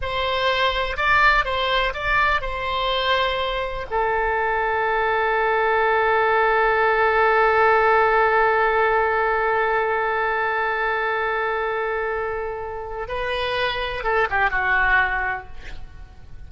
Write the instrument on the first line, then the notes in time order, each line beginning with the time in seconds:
oboe
0.01 C5
0.96 D5
1.44 C5
1.93 D5
2.41 C5
3.90 A4
13.08 B4
14.03 A4
14.30 G4
14.50 F#4